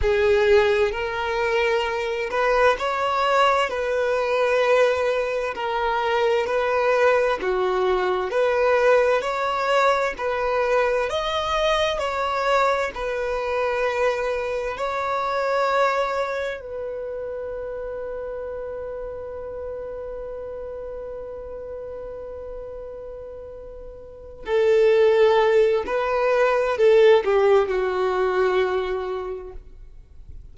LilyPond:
\new Staff \with { instrumentName = "violin" } { \time 4/4 \tempo 4 = 65 gis'4 ais'4. b'8 cis''4 | b'2 ais'4 b'4 | fis'4 b'4 cis''4 b'4 | dis''4 cis''4 b'2 |
cis''2 b'2~ | b'1~ | b'2~ b'8 a'4. | b'4 a'8 g'8 fis'2 | }